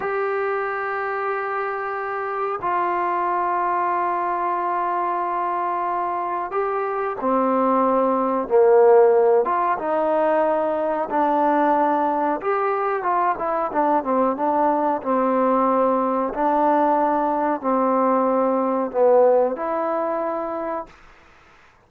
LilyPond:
\new Staff \with { instrumentName = "trombone" } { \time 4/4 \tempo 4 = 92 g'1 | f'1~ | f'2 g'4 c'4~ | c'4 ais4. f'8 dis'4~ |
dis'4 d'2 g'4 | f'8 e'8 d'8 c'8 d'4 c'4~ | c'4 d'2 c'4~ | c'4 b4 e'2 | }